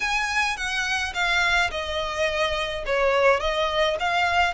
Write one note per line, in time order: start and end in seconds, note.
0.00 0.56 G#5
0.56 1.13 F#5
1.13 1.70 F5
1.70 2.84 D#5
2.86 3.40 C#5
3.40 3.96 D#5
3.99 4.54 F5